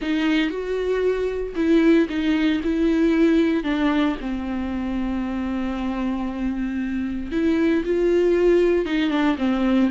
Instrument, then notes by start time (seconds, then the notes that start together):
viola
0.01 D#4
0.50 F#4
1.55 E4
2.09 D#4
2.63 E4
3.63 D4
4.20 C4
7.31 E4
7.84 F4
8.85 D#4
9.10 D4
9.37 C4